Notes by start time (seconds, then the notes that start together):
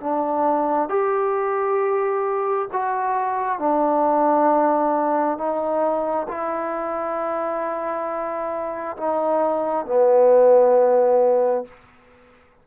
0.00 D4
0.89 G4
2.72 F#4
3.59 D4
5.38 D#4
6.28 E4
8.97 D#4
9.86 B3